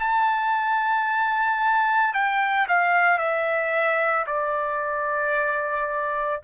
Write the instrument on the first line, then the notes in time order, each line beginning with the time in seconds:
trumpet
0.00 A5
2.14 G5
2.68 F5
3.19 E5
4.27 D5